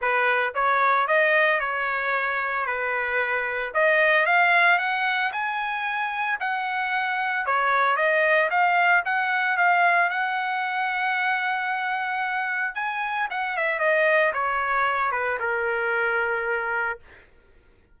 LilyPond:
\new Staff \with { instrumentName = "trumpet" } { \time 4/4 \tempo 4 = 113 b'4 cis''4 dis''4 cis''4~ | cis''4 b'2 dis''4 | f''4 fis''4 gis''2 | fis''2 cis''4 dis''4 |
f''4 fis''4 f''4 fis''4~ | fis''1 | gis''4 fis''8 e''8 dis''4 cis''4~ | cis''8 b'8 ais'2. | }